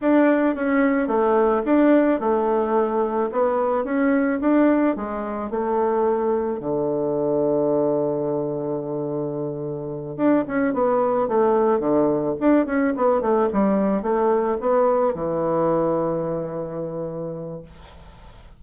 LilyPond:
\new Staff \with { instrumentName = "bassoon" } { \time 4/4 \tempo 4 = 109 d'4 cis'4 a4 d'4 | a2 b4 cis'4 | d'4 gis4 a2 | d1~ |
d2~ d8 d'8 cis'8 b8~ | b8 a4 d4 d'8 cis'8 b8 | a8 g4 a4 b4 e8~ | e1 | }